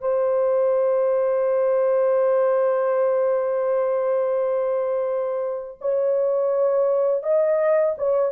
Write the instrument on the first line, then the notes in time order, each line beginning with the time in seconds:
horn
0.00 C5
5.81 C#5
7.23 D#5
7.97 C#5